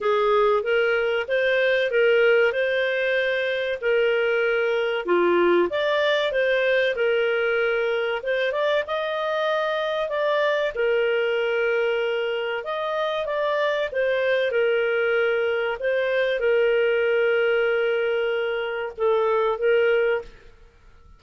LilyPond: \new Staff \with { instrumentName = "clarinet" } { \time 4/4 \tempo 4 = 95 gis'4 ais'4 c''4 ais'4 | c''2 ais'2 | f'4 d''4 c''4 ais'4~ | ais'4 c''8 d''8 dis''2 |
d''4 ais'2. | dis''4 d''4 c''4 ais'4~ | ais'4 c''4 ais'2~ | ais'2 a'4 ais'4 | }